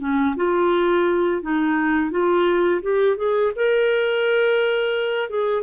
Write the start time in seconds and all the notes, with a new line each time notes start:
0.00 C#4
0.36 F4
1.42 D#4
2.11 F4
2.82 G4
3.17 G#4
3.56 A#4
5.30 G#4